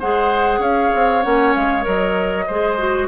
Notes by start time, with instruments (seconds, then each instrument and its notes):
0.00 bassoon G#3, clarinet G#4, oboe C5, flute F#5
0.59 bassoon C#4, oboe C#5, flute F5
0.95 bassoon C4
1.23 bassoon A#3, clarinet C#4, flute F#5
1.55 bassoon G#3, flute F5
1.82 bassoon F#3, clarinet A#4, flute D#5
2.47 bassoon G#3, clarinet G#4, oboe C5
2.79 clarinet F#4